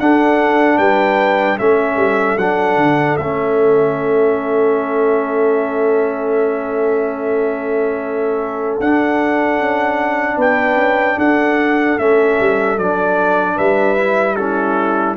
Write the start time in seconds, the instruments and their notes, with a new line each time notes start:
0.00 tuba D4, trombone D4, horn A4, trumpet F#5
0.78 tuba G3, horn B4, trumpet G5
1.59 tuba A3, trombone C#4, horn A4, trumpet E5
1.97 tuba G3
2.37 tuba F#3, trombone D4, trumpet F#5
2.77 tuba D3
3.17 tuba A3, trombone C#4, trumpet E5
8.80 tuba D4, trombone D4, trumpet F#5
9.60 tuba C#4
10.37 tuba B3, horn B4, trumpet G5
10.77 tuba C#4
11.18 tuba D4, horn A4, trumpet F#5
11.99 tuba A3, trombone C#4, trumpet E5
12.40 tuba G3
12.78 tuba F#3, trombone D4, trumpet D5
13.56 tuba G3, horn B4, trumpet E5
13.97 trombone E4
14.36 trombone C#4, horn E4, trumpet A4